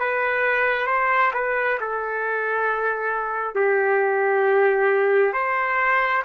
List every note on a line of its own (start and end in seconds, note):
0.00 0.87 B4
0.87 1.32 C5
1.34 1.79 B4
1.81 3.55 A4
3.55 5.34 G4
5.34 6.23 C5